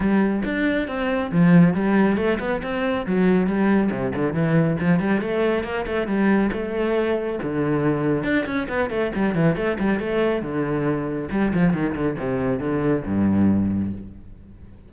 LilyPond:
\new Staff \with { instrumentName = "cello" } { \time 4/4 \tempo 4 = 138 g4 d'4 c'4 f4 | g4 a8 b8 c'4 fis4 | g4 c8 d8 e4 f8 g8 | a4 ais8 a8 g4 a4~ |
a4 d2 d'8 cis'8 | b8 a8 g8 e8 a8 g8 a4 | d2 g8 f8 dis8 d8 | c4 d4 g,2 | }